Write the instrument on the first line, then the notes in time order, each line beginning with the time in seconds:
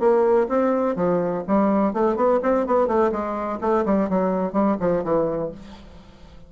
bassoon
0.00 A#3
0.49 C4
0.96 F3
1.48 G3
1.94 A3
2.16 B3
2.43 C4
2.67 B3
2.88 A3
3.12 G#3
3.61 A3
3.86 G3
4.10 F#3
4.53 G3
4.81 F3
5.04 E3